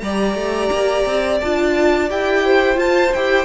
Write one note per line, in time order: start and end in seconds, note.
0.00 0.35 G3
0.00 1.42 G4
0.00 2.45 D5
0.00 1.38 A#5
0.35 0.70 A3
0.72 1.06 A#3
1.06 1.41 C4
1.41 2.10 D4
1.41 2.10 F4
1.41 2.10 A5
2.10 2.77 E4
2.10 2.75 G4
2.10 2.79 G5
2.45 3.45 C5
2.75 3.09 F4
2.75 3.11 F4
2.75 3.14 A5
3.14 3.45 E4
3.14 3.45 G4
3.14 3.45 G5